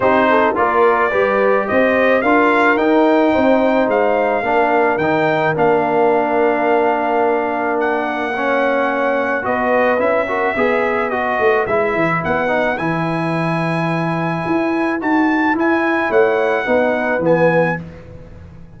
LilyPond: <<
  \new Staff \with { instrumentName = "trumpet" } { \time 4/4 \tempo 4 = 108 c''4 d''2 dis''4 | f''4 g''2 f''4~ | f''4 g''4 f''2~ | f''2 fis''2~ |
fis''4 dis''4 e''2 | dis''4 e''4 fis''4 gis''4~ | gis''2. a''4 | gis''4 fis''2 gis''4 | }
  \new Staff \with { instrumentName = "horn" } { \time 4/4 g'8 a'8 ais'4 b'4 c''4 | ais'2 c''2 | ais'1~ | ais'2. cis''4~ |
cis''4 b'4. ais'8 b'4~ | b'1~ | b'1~ | b'4 cis''4 b'2 | }
  \new Staff \with { instrumentName = "trombone" } { \time 4/4 dis'4 f'4 g'2 | f'4 dis'2. | d'4 dis'4 d'2~ | d'2. cis'4~ |
cis'4 fis'4 e'8 fis'8 gis'4 | fis'4 e'4. dis'8 e'4~ | e'2. fis'4 | e'2 dis'4 b4 | }
  \new Staff \with { instrumentName = "tuba" } { \time 4/4 c'4 ais4 g4 c'4 | d'4 dis'4 c'4 gis4 | ais4 dis4 ais2~ | ais1~ |
ais4 b4 cis'4 b4~ | b8 a8 gis8 e8 b4 e4~ | e2 e'4 dis'4 | e'4 a4 b4 e4 | }
>>